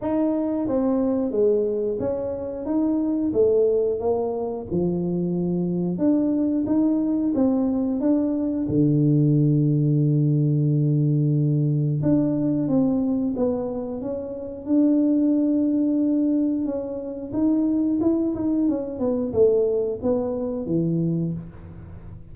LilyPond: \new Staff \with { instrumentName = "tuba" } { \time 4/4 \tempo 4 = 90 dis'4 c'4 gis4 cis'4 | dis'4 a4 ais4 f4~ | f4 d'4 dis'4 c'4 | d'4 d2.~ |
d2 d'4 c'4 | b4 cis'4 d'2~ | d'4 cis'4 dis'4 e'8 dis'8 | cis'8 b8 a4 b4 e4 | }